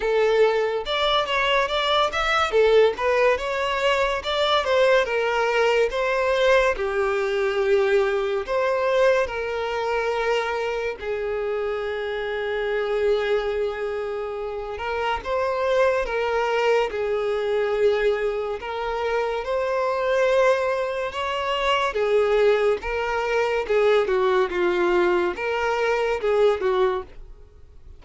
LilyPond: \new Staff \with { instrumentName = "violin" } { \time 4/4 \tempo 4 = 71 a'4 d''8 cis''8 d''8 e''8 a'8 b'8 | cis''4 d''8 c''8 ais'4 c''4 | g'2 c''4 ais'4~ | ais'4 gis'2.~ |
gis'4. ais'8 c''4 ais'4 | gis'2 ais'4 c''4~ | c''4 cis''4 gis'4 ais'4 | gis'8 fis'8 f'4 ais'4 gis'8 fis'8 | }